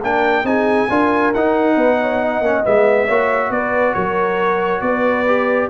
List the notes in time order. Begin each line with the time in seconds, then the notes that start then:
0.00 A#3 D4 A#4 G5
0.44 C4 D#4 G#4 G#5
0.90 D4 F4 A#4
1.34 D#4 F#5
1.75 B3 B4
2.01 C#5
2.22 D#5
2.41 A#3 C#4
2.64 G#3 B3 E5
3.07 A#3 F#4 C#5
3.50 B3 B4 D5
3.94 F#3 A#4 C#5
4.81 B3 B4 D5
5.27 G4